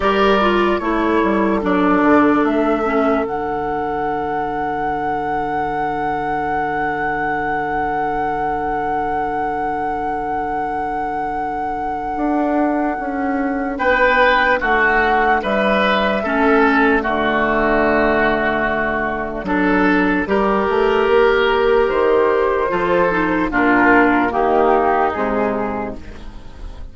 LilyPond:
<<
  \new Staff \with { instrumentName = "flute" } { \time 4/4 \tempo 4 = 74 d''4 cis''4 d''4 e''4 | fis''1~ | fis''1~ | fis''1~ |
fis''4 g''4 fis''4 e''4~ | e''8 d''2.~ d''8~ | d''2. c''4~ | c''4 ais'4 g'4 gis'4 | }
  \new Staff \with { instrumentName = "oboe" } { \time 4/4 ais'4 a'2.~ | a'1~ | a'1~ | a'1~ |
a'4 b'4 fis'4 b'4 | a'4 fis'2. | a'4 ais'2. | a'4 f'4 dis'2 | }
  \new Staff \with { instrumentName = "clarinet" } { \time 4/4 g'8 f'8 e'4 d'4. cis'8 | d'1~ | d'1~ | d'1~ |
d'1 | cis'4 a2. | d'4 g'2. | f'8 dis'8 d'4 ais4 gis4 | }
  \new Staff \with { instrumentName = "bassoon" } { \time 4/4 g4 a8 g8 fis8 d8 a4 | d1~ | d1~ | d2. d'4 |
cis'4 b4 a4 g4 | a4 d2. | fis4 g8 a8 ais4 dis4 | f4 ais,4 dis4 c4 | }
>>